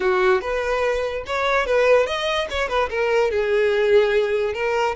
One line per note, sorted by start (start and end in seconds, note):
0.00 0.41 F#4
0.41 1.24 B4
1.26 1.66 C#5
1.66 2.06 B4
2.06 2.47 D#5
2.50 2.68 C#5
2.68 2.89 B4
2.89 3.30 A#4
3.30 4.53 G#4
4.53 4.95 A#4